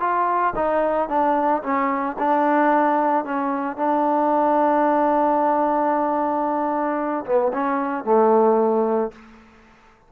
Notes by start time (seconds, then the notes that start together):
0.00 F4
0.56 D#4
1.09 D4
1.63 C#4
2.19 D4
3.25 C#4
3.77 D4
7.25 B3
7.53 C#4
8.04 A3